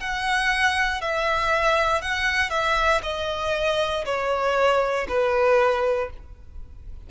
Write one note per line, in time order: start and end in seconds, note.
0.00 1.01 F#5
1.01 2.02 E5
2.02 2.50 F#5
2.50 3.01 E5
3.03 4.05 D#5
4.05 5.07 C#5
5.08 6.10 B4